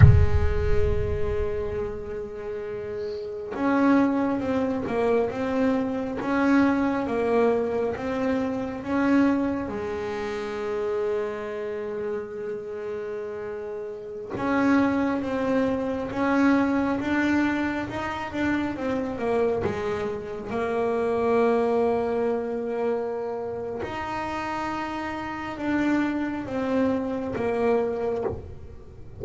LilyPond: \new Staff \with { instrumentName = "double bass" } { \time 4/4 \tempo 4 = 68 gis1 | cis'4 c'8 ais8 c'4 cis'4 | ais4 c'4 cis'4 gis4~ | gis1~ |
gis16 cis'4 c'4 cis'4 d'8.~ | d'16 dis'8 d'8 c'8 ais8 gis4 ais8.~ | ais2. dis'4~ | dis'4 d'4 c'4 ais4 | }